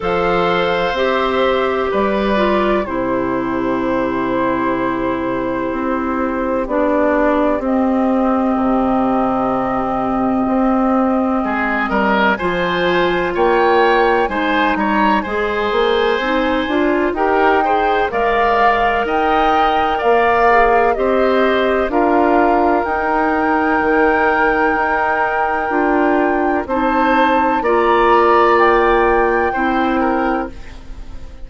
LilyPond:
<<
  \new Staff \with { instrumentName = "flute" } { \time 4/4 \tempo 4 = 63 f''4 e''4 d''4 c''4~ | c''2. d''4 | dis''1~ | dis''4 gis''4 g''4 gis''8 ais''8 |
gis''2 g''4 f''4 | g''4 f''4 dis''4 f''4 | g''1 | a''4 ais''4 g''2 | }
  \new Staff \with { instrumentName = "oboe" } { \time 4/4 c''2 b'4 g'4~ | g'1~ | g'1 | gis'8 ais'8 c''4 cis''4 c''8 cis''8 |
c''2 ais'8 c''8 d''4 | dis''4 d''4 c''4 ais'4~ | ais'1 | c''4 d''2 c''8 ais'8 | }
  \new Staff \with { instrumentName = "clarinet" } { \time 4/4 a'4 g'4. f'8 e'4~ | e'2. d'4 | c'1~ | c'4 f'2 dis'4 |
gis'4 dis'8 f'8 g'8 gis'8 ais'4~ | ais'4. gis'8 g'4 f'4 | dis'2. f'4 | dis'4 f'2 e'4 | }
  \new Staff \with { instrumentName = "bassoon" } { \time 4/4 f4 c'4 g4 c4~ | c2 c'4 b4 | c'4 c2 c'4 | gis8 g8 f4 ais4 gis8 g8 |
gis8 ais8 c'8 d'8 dis'4 gis4 | dis'4 ais4 c'4 d'4 | dis'4 dis4 dis'4 d'4 | c'4 ais2 c'4 | }
>>